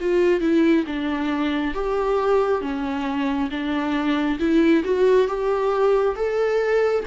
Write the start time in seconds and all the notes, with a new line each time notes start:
0.00 F4
0.40 E4
0.86 D4
1.74 G4
2.61 C#4
3.50 D4
4.39 E4
4.84 F#4
5.27 G4
6.16 A4